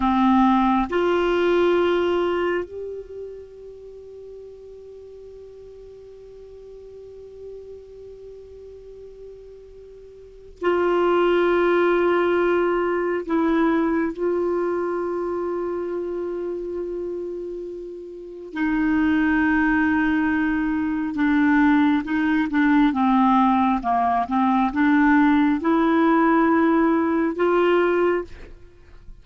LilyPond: \new Staff \with { instrumentName = "clarinet" } { \time 4/4 \tempo 4 = 68 c'4 f'2 g'4~ | g'1~ | g'1 | f'2. e'4 |
f'1~ | f'4 dis'2. | d'4 dis'8 d'8 c'4 ais8 c'8 | d'4 e'2 f'4 | }